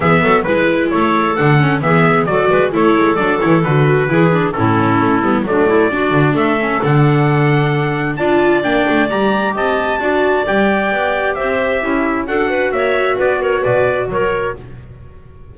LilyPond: <<
  \new Staff \with { instrumentName = "trumpet" } { \time 4/4 \tempo 4 = 132 e''4 b'4 cis''4 fis''4 | e''4 d''4 cis''4 d''8 cis''8 | b'2 a'2 | d''2 e''4 fis''4~ |
fis''2 a''4 g''4 | ais''4 a''2 g''4~ | g''4 e''2 fis''4 | e''4 d''8 cis''8 d''4 cis''4 | }
  \new Staff \with { instrumentName = "clarinet" } { \time 4/4 gis'8 a'8 b'4 a'2 | gis'4 a'8 b'8 a'2~ | a'4 gis'4 e'2 | d'8 e'8 fis'4 a'2~ |
a'2 d''2~ | d''4 dis''4 d''2~ | d''4 c''4 e'4 a'8 b'8 | cis''4 b'8 ais'8 b'4 ais'4 | }
  \new Staff \with { instrumentName = "viola" } { \time 4/4 b4 e'2 d'8 cis'8 | b4 fis'4 e'4 d'8 e'8 | fis'4 e'8 d'8 cis'4. b8 | a4 d'4. cis'8 d'4~ |
d'2 f'4 d'4 | g'2 fis'4 g'4~ | g'2. fis'4~ | fis'1 | }
  \new Staff \with { instrumentName = "double bass" } { \time 4/4 e8 fis8 gis4 a4 d4 | e4 fis8 gis8 a8 gis8 fis8 e8 | d4 e4 a,4 a8 g8 | fis4. d8 a4 d4~ |
d2 d'4 ais8 a8 | g4 c'4 d'4 g4 | b4 c'4 cis'4 d'4 | ais4 b4 b,4 fis4 | }
>>